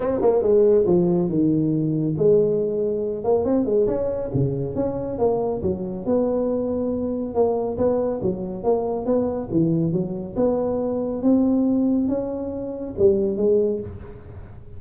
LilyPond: \new Staff \with { instrumentName = "tuba" } { \time 4/4 \tempo 4 = 139 c'8 ais8 gis4 f4 dis4~ | dis4 gis2~ gis8 ais8 | c'8 gis8 cis'4 cis4 cis'4 | ais4 fis4 b2~ |
b4 ais4 b4 fis4 | ais4 b4 e4 fis4 | b2 c'2 | cis'2 g4 gis4 | }